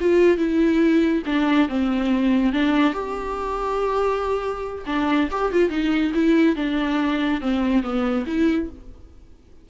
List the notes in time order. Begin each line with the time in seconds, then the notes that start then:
0.00 F4
0.37 E4
1.26 D4
1.68 C4
2.52 D4
2.93 G4
4.86 D4
5.31 G4
5.52 F4
5.69 D#4
6.14 E4
6.56 D4
7.41 C4
7.83 B3
8.26 E4